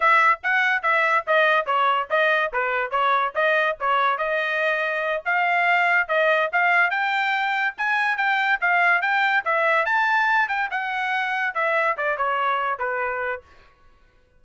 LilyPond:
\new Staff \with { instrumentName = "trumpet" } { \time 4/4 \tempo 4 = 143 e''4 fis''4 e''4 dis''4 | cis''4 dis''4 b'4 cis''4 | dis''4 cis''4 dis''2~ | dis''8 f''2 dis''4 f''8~ |
f''8 g''2 gis''4 g''8~ | g''8 f''4 g''4 e''4 a''8~ | a''4 g''8 fis''2 e''8~ | e''8 d''8 cis''4. b'4. | }